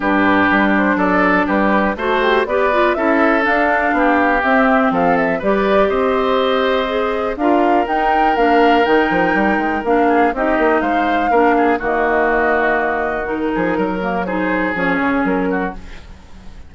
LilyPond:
<<
  \new Staff \with { instrumentName = "flute" } { \time 4/4 \tempo 4 = 122 b'4. c''8 d''4 b'4 | a'8 g'8 d''4 e''4 f''4~ | f''4 e''4 f''8 e''8 d''4 | dis''2. f''4 |
g''4 f''4 g''2 | f''4 dis''4 f''2 | dis''2. ais'4~ | ais'4 c''4 cis''4 ais'4 | }
  \new Staff \with { instrumentName = "oboe" } { \time 4/4 g'2 a'4 g'4 | c''4 b'4 a'2 | g'2 a'4 b'4 | c''2. ais'4~ |
ais'1~ | ais'8 gis'8 g'4 c''4 ais'8 gis'8 | fis'2.~ fis'8 gis'8 | ais'4 gis'2~ gis'8 fis'8 | }
  \new Staff \with { instrumentName = "clarinet" } { \time 4/4 d'1 | fis'4 g'8 f'8 e'4 d'4~ | d'4 c'2 g'4~ | g'2 gis'4 f'4 |
dis'4 d'4 dis'2 | d'4 dis'2 d'4 | ais2. dis'4~ | dis'8 ais8 dis'4 cis'2 | }
  \new Staff \with { instrumentName = "bassoon" } { \time 4/4 g,4 g4 fis4 g4 | a4 b4 cis'4 d'4 | b4 c'4 f4 g4 | c'2. d'4 |
dis'4 ais4 dis8 f8 g8 gis8 | ais4 c'8 ais8 gis4 ais4 | dis2.~ dis8 f8 | fis2 f8 cis8 fis4 | }
>>